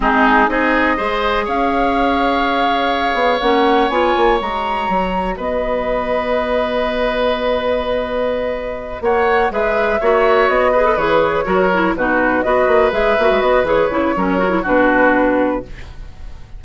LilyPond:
<<
  \new Staff \with { instrumentName = "flute" } { \time 4/4 \tempo 4 = 123 gis'4 dis''2 f''4~ | f''2. fis''4 | gis''4 ais''2 dis''4~ | dis''1~ |
dis''2~ dis''8 fis''4 e''8~ | e''4. dis''4 cis''4.~ | cis''8 b'4 dis''4 e''4 dis''8 | cis''2 b'2 | }
  \new Staff \with { instrumentName = "oboe" } { \time 4/4 dis'4 gis'4 c''4 cis''4~ | cis''1~ | cis''2. b'4~ | b'1~ |
b'2~ b'8 cis''4 b'8~ | b'8 cis''4. b'4. ais'8~ | ais'8 fis'4 b'2~ b'8~ | b'4 ais'4 fis'2 | }
  \new Staff \with { instrumentName = "clarinet" } { \time 4/4 c'4 dis'4 gis'2~ | gis'2. cis'4 | f'4 fis'2.~ | fis'1~ |
fis'2.~ fis'8 gis'8~ | gis'8 fis'4. gis'16 a'16 gis'4 fis'8 | e'8 dis'4 fis'4 gis'8 fis'4 | gis'8 e'8 cis'8 fis'16 e'16 d'2 | }
  \new Staff \with { instrumentName = "bassoon" } { \time 4/4 gis4 c'4 gis4 cis'4~ | cis'2~ cis'8 b8 ais4 | b8 ais8 gis4 fis4 b4~ | b1~ |
b2~ b8 ais4 gis8~ | gis8 ais4 b4 e4 fis8~ | fis8 b,4 b8 ais8 gis8 ais16 gis16 b8 | e8 cis8 fis4 b,2 | }
>>